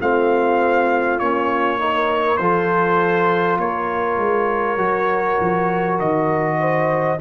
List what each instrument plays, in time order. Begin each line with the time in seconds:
0.00 tuba A3, trombone C4, horn F4, trumpet F5
1.20 tuba A#3, trombone C#4, trumpet C#5
1.79 trombone D#4, horn A#4
2.37 tuba F3, trombone F4, horn A4, trumpet C5
3.58 tuba A#3, horn A#4, trumpet C#5
4.17 tuba G#3
4.77 tuba F#3, trombone F#4
5.41 tuba F3
6.00 tuba D#3, trumpet D#5
6.60 horn C5